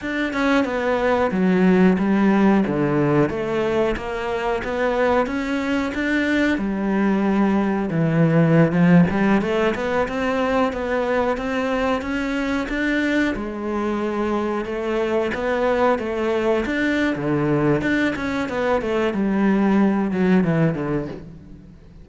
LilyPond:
\new Staff \with { instrumentName = "cello" } { \time 4/4 \tempo 4 = 91 d'8 cis'8 b4 fis4 g4 | d4 a4 ais4 b4 | cis'4 d'4 g2 | e4~ e16 f8 g8 a8 b8 c'8.~ |
c'16 b4 c'4 cis'4 d'8.~ | d'16 gis2 a4 b8.~ | b16 a4 d'8. d4 d'8 cis'8 | b8 a8 g4. fis8 e8 d8 | }